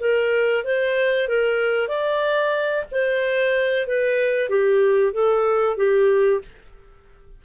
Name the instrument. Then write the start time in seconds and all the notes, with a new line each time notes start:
clarinet
0.00 A#4
0.65 C5
1.28 A#4
1.89 D5
2.91 C5
3.87 B4
4.50 G4
5.13 A4
5.77 G4